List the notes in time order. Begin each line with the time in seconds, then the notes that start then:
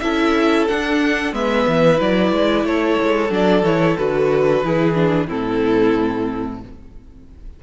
0.00 C#4 E4 A4 E5
0.68 D4 F#5
1.33 G#3 B3 B4 E5
1.67 E3
1.97 F#3 E4 D5
2.32 G#3
2.64 A3 A4 C#5
3.03 G#3
3.31 F#3 D4 D5
3.63 E3 E4 C#5
3.98 D3 F#4 B4
4.63 E3 E4 G#4
4.95 D4
5.28 A2 C4 E4 A4